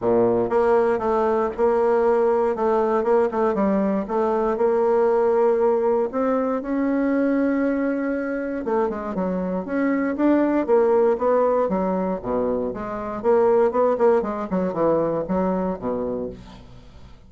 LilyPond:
\new Staff \with { instrumentName = "bassoon" } { \time 4/4 \tempo 4 = 118 ais,4 ais4 a4 ais4~ | ais4 a4 ais8 a8 g4 | a4 ais2. | c'4 cis'2.~ |
cis'4 a8 gis8 fis4 cis'4 | d'4 ais4 b4 fis4 | b,4 gis4 ais4 b8 ais8 | gis8 fis8 e4 fis4 b,4 | }